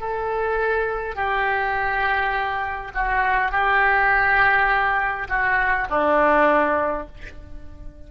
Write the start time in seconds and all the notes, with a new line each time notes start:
0.00 A4
1.15 G4
2.94 F#4
3.51 G4
5.28 F#4
5.89 D4